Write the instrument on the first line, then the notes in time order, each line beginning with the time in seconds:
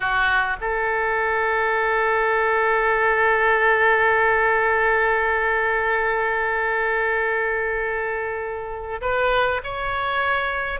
oboe
0.00 F#4
0.60 A4
9.01 B4
9.63 C#5